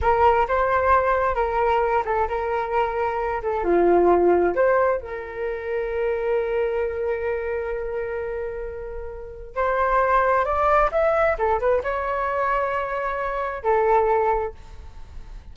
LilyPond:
\new Staff \with { instrumentName = "flute" } { \time 4/4 \tempo 4 = 132 ais'4 c''2 ais'4~ | ais'8 a'8 ais'2~ ais'8 a'8 | f'2 c''4 ais'4~ | ais'1~ |
ais'1~ | ais'4 c''2 d''4 | e''4 a'8 b'8 cis''2~ | cis''2 a'2 | }